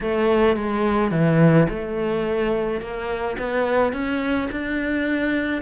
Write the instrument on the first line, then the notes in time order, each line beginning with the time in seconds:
cello
0.01 A3
0.56 G#3
1.11 E3
1.69 A3
2.80 A#3
3.38 B3
3.93 C#4
4.51 D4